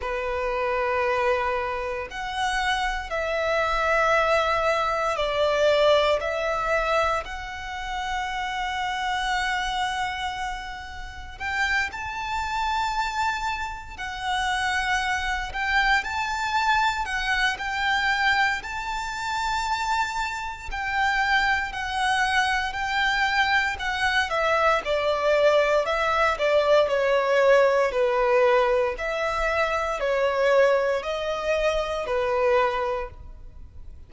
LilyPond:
\new Staff \with { instrumentName = "violin" } { \time 4/4 \tempo 4 = 58 b'2 fis''4 e''4~ | e''4 d''4 e''4 fis''4~ | fis''2. g''8 a''8~ | a''4. fis''4. g''8 a''8~ |
a''8 fis''8 g''4 a''2 | g''4 fis''4 g''4 fis''8 e''8 | d''4 e''8 d''8 cis''4 b'4 | e''4 cis''4 dis''4 b'4 | }